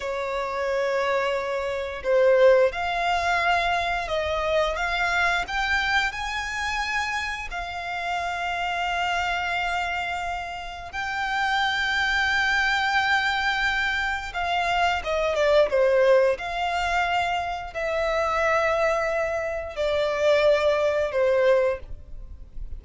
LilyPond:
\new Staff \with { instrumentName = "violin" } { \time 4/4 \tempo 4 = 88 cis''2. c''4 | f''2 dis''4 f''4 | g''4 gis''2 f''4~ | f''1 |
g''1~ | g''4 f''4 dis''8 d''8 c''4 | f''2 e''2~ | e''4 d''2 c''4 | }